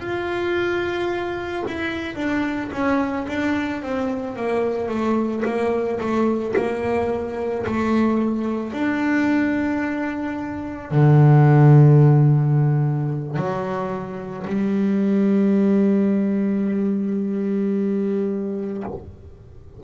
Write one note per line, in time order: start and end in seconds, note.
0.00 1.64 F4
1.67 2.16 E4
2.16 2.70 D4
2.72 3.27 C#4
3.28 3.82 D4
3.82 4.36 C4
4.36 4.88 A#3
4.88 5.43 A3
5.45 6.00 A#3
6.00 6.55 A3
6.57 7.66 A#3
7.67 8.73 A3
8.73 10.91 D4
10.91 13.37 D3
13.37 14.46 F#3
14.47 18.83 G3